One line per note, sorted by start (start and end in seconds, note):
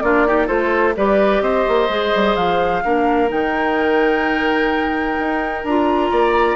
0.00 0.49 A#3
0.00 0.26 D4
0.00 0.27 F4
0.00 0.47 D5
0.26 0.47 D#4
0.26 0.46 G4
0.46 0.96 A3
0.46 0.94 F4
0.46 0.93 A4
0.46 0.94 C5
0.96 1.41 G3
0.96 1.88 G4
0.96 1.42 B4
0.96 1.42 D5
1.41 1.64 C4
1.41 2.83 C5
1.41 2.35 D#5
1.68 1.88 A#3
1.88 2.12 G#3
1.88 2.82 G#4
2.15 2.36 G3
2.35 2.83 F3
2.35 3.29 F5
2.83 3.31 A#3
2.83 3.28 D4
2.83 6.10 A#4
3.28 5.18 D#3
3.28 5.62 D#4
3.28 5.65 G5
5.19 5.64 D#4
5.64 6.10 D4
5.64 6.55 F4
5.64 6.55 A#5
6.10 6.55 A#3
6.10 6.55 D5